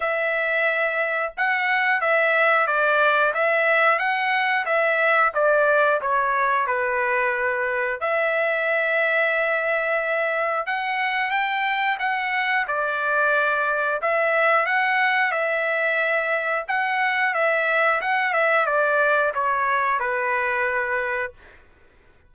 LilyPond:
\new Staff \with { instrumentName = "trumpet" } { \time 4/4 \tempo 4 = 90 e''2 fis''4 e''4 | d''4 e''4 fis''4 e''4 | d''4 cis''4 b'2 | e''1 |
fis''4 g''4 fis''4 d''4~ | d''4 e''4 fis''4 e''4~ | e''4 fis''4 e''4 fis''8 e''8 | d''4 cis''4 b'2 | }